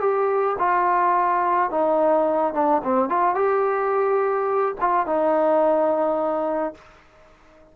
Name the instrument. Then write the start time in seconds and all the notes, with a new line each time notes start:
trombone
0.00 G4
0.58 F4
1.70 D#4
2.54 D4
2.83 C4
3.09 F4
3.35 G4
4.80 F4
5.06 D#4